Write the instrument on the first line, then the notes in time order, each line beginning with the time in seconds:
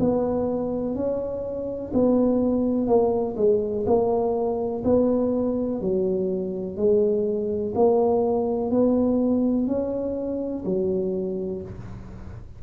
tuba
0.00 B3
0.95 C#4
1.94 B3
2.87 A#3
3.37 G#3
3.86 A#3
4.85 B3
5.81 F#3
6.77 G#3
7.76 A#3
8.71 B3
9.67 C#4
10.65 F#3